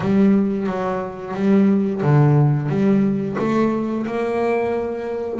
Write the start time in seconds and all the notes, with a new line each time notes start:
0.00 G3
0.66 F#3
1.34 G3
2.02 D3
2.69 G3
3.38 A3
4.06 A#3